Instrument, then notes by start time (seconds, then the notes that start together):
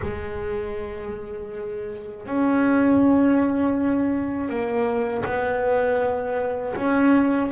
double bass
0.02 G#3
2.25 C#4
4.49 A#3
5.25 B3
6.76 C#4